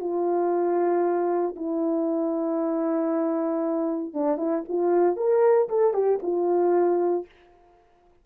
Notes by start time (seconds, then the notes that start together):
0.00 F4
1.56 E4
4.14 D4
4.37 E4
4.68 F4
5.17 A#4
5.68 A4
5.93 G4
6.22 F4